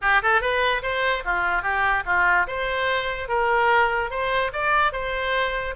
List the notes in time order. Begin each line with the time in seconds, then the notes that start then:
0.01 G4
0.22 A4
0.41 B4
0.82 C5
1.24 F4
1.62 G4
2.05 F4
2.47 C5
3.28 A#4
4.10 C5
4.52 D5
4.92 C5